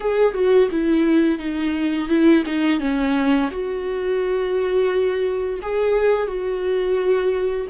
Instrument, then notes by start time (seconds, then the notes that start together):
viola
0.00 G#4
0.34 F#4
0.71 E4
1.38 D#4
2.08 E4
2.45 D#4
2.80 C#4
3.50 F#4
5.62 G#4
6.27 F#4